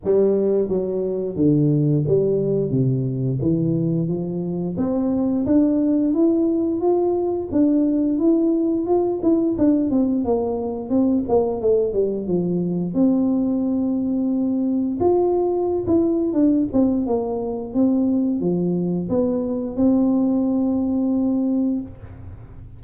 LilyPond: \new Staff \with { instrumentName = "tuba" } { \time 4/4 \tempo 4 = 88 g4 fis4 d4 g4 | c4 e4 f4 c'4 | d'4 e'4 f'4 d'4 | e'4 f'8 e'8 d'8 c'8 ais4 |
c'8 ais8 a8 g8 f4 c'4~ | c'2 f'4~ f'16 e'8. | d'8 c'8 ais4 c'4 f4 | b4 c'2. | }